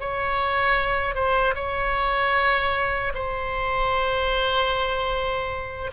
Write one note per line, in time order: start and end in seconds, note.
0.00 1.15 C#5
1.15 1.54 C5
1.55 3.13 C#5
3.14 5.91 C5